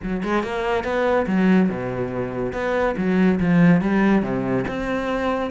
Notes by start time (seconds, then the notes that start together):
0.02 F#3
0.23 G#3
0.43 A#3
0.83 B3
1.26 F#3
1.69 B2
2.52 B3
2.97 F#3
3.40 F3
3.81 G3
4.22 C3
4.67 C4